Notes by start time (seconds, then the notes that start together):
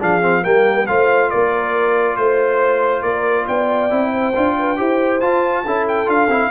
0.00 F3 D4 G#4 F5
0.21 C4
0.43 G3 A#3 A#4 G5
0.86 A3 F4 C5 F5
1.30 A#3 A#4 D5
2.16 A3 C5
3.02 A#3 A#4 D5
3.47 B3 D5 G5
3.90 C4 E4
4.12 C5
4.35 D4 F4
4.59 B4
4.77 E4 G4 C5
5.20 F4 A5
5.64 C#4 E4 A4
5.88 G5
6.06 D4 F4 F5
6.28 C4 E4